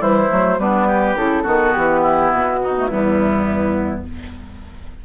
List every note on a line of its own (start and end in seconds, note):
0.00 0.29 E3
0.00 0.29 G3
0.00 0.58 E4
0.00 0.60 C5
0.29 0.58 F#3
0.29 0.58 A3
0.58 1.16 G3
0.58 1.16 B3
0.58 0.87 D4
0.58 1.17 B4
0.87 1.43 G4
1.16 1.45 C#3
1.16 1.43 E4
1.16 1.73 A4
1.43 1.75 D#3
1.43 2.73 B3
1.43 2.00 F#4
1.73 2.33 E3
1.73 2.31 G4
2.01 2.59 E4
2.32 2.89 B2
2.32 2.87 F#4
2.64 2.90 D#4
2.76 2.89 A3
2.87 4.05 E2
2.87 4.05 G3
2.87 4.05 B3
2.87 4.03 E4